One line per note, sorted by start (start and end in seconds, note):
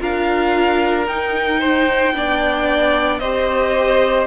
0.00 1.08 D4
0.00 1.07 F4
0.00 1.60 A#4
0.00 1.08 F5
1.08 2.14 D#4
1.08 2.15 D#4
1.08 3.19 G5
1.60 2.14 C5
2.14 3.22 B3
2.14 3.21 D4
2.14 3.21 D5
3.19 4.27 C4
3.19 4.27 G4
3.19 4.27 C5
3.19 4.26 D#5